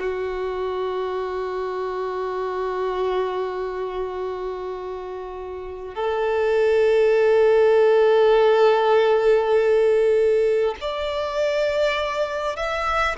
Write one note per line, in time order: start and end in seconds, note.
0.00 5.96 F#4
5.96 10.76 A4
10.81 12.56 D5
12.56 13.16 E5